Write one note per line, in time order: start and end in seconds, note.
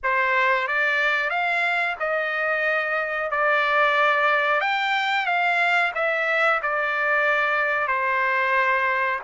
0.03 0.67 C5
0.67 1.30 D5
1.30 1.96 F5
1.99 3.31 D#5
3.31 4.60 D5
4.60 5.26 G5
5.26 5.92 F5
5.95 6.61 E5
6.62 7.87 D5
7.87 9.19 C5